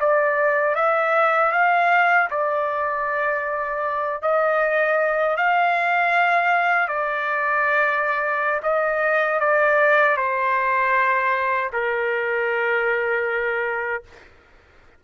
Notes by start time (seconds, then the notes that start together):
0.00 D5
0.75 E5
1.52 F5
2.30 D5
4.22 D#5
5.37 F5
6.88 D5
8.63 D#5
9.40 D5
10.17 C5
11.73 A#4